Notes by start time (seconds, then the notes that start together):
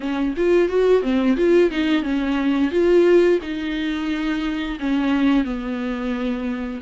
0.00 C#4
0.36 F4
0.68 F#4
1.02 C4
1.36 F4
1.70 D#4
2.03 C#4
2.71 F4
3.42 D#4
4.79 C#4
5.44 B3